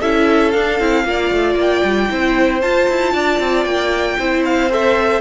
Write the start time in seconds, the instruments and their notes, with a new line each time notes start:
0.00 cello C#4, viola E4, violin A4 E5
0.51 cello D4, viola D4, violin F5
0.79 cello C4, viola E4
1.04 cello A#3, viola F4, violin D5
1.31 cello A3
1.55 cello A#3, violin G5
1.83 cello G3
2.09 cello C4, viola E4, violin C5
2.61 cello F4, viola F4, violin A5
2.89 cello E4
3.12 cello D4, violin D5
3.39 cello C4
3.64 cello A#3, violin G5
4.18 cello C4, viola E4, violin C5
4.45 violin F5
4.70 viola A4, violin E5